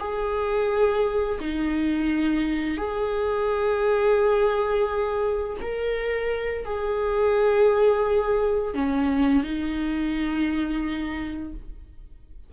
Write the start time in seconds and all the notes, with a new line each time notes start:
0.00 G#4
1.40 D#4
2.78 G#4
5.62 A#4
6.65 G#4
8.75 C#4
9.44 D#4